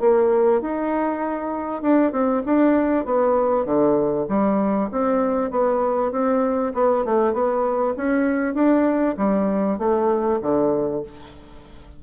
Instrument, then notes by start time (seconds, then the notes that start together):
bassoon
0.00 A#3
0.61 D#4
1.81 D4
2.12 C4
2.45 D4
3.05 B3
3.65 D3
4.28 G3
4.91 C4
5.50 B3
6.11 C4
6.74 B3
7.04 A3
7.33 B3
7.96 C#4
8.54 D4
9.17 G3
9.78 A3
10.41 D3